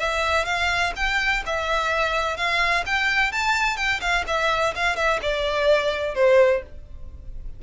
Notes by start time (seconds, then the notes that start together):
0.00 E5
0.46 F5
0.97 G5
1.46 E5
2.37 F5
2.86 G5
3.33 A5
3.78 G5
4.01 F5
4.28 E5
4.76 F5
4.97 E5
5.22 D5
6.15 C5